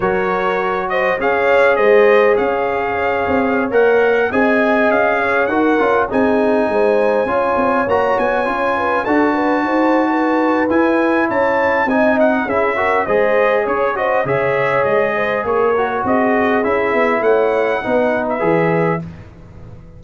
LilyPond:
<<
  \new Staff \with { instrumentName = "trumpet" } { \time 4/4 \tempo 4 = 101 cis''4. dis''8 f''4 dis''4 | f''2~ f''16 fis''4 gis''8.~ | gis''16 f''4 fis''4 gis''4.~ gis''16~ | gis''4~ gis''16 ais''8 gis''4. a''8.~ |
a''2 gis''4 a''4 | gis''8 fis''8 e''4 dis''4 cis''8 dis''8 | e''4 dis''4 cis''4 dis''4 | e''4 fis''4.~ fis''16 e''4~ e''16 | }
  \new Staff \with { instrumentName = "horn" } { \time 4/4 ais'4. c''8 cis''4 c''4 | cis''2.~ cis''16 dis''8.~ | dis''8. cis''8 ais'4 gis'4 c''8.~ | c''16 cis''2~ cis''8 b'8 a'8 b'16~ |
b'16 c''8. b'2 cis''4 | dis''4 gis'8 ais'8 c''4 cis''8 c''8 | cis''4. c''8 ais'4 gis'4~ | gis'4 cis''4 b'2 | }
  \new Staff \with { instrumentName = "trombone" } { \time 4/4 fis'2 gis'2~ | gis'2~ gis'16 ais'4 gis'8.~ | gis'4~ gis'16 fis'8 f'8 dis'4.~ dis'16~ | dis'16 f'4 fis'4 f'4 fis'8.~ |
fis'2 e'2 | dis'4 e'8 fis'8 gis'4. fis'8 | gis'2~ gis'8 fis'4. | e'2 dis'4 gis'4 | }
  \new Staff \with { instrumentName = "tuba" } { \time 4/4 fis2 cis'4 gis4 | cis'4. c'8. ais4 c'8.~ | c'16 cis'4 dis'8 cis'8 c'4 gis8.~ | gis16 cis'8 c'8 ais8 b8 cis'4 d'8.~ |
d'16 dis'4.~ dis'16 e'4 cis'4 | c'4 cis'4 gis4 cis'4 | cis4 gis4 ais4 c'4 | cis'8 b8 a4 b4 e4 | }
>>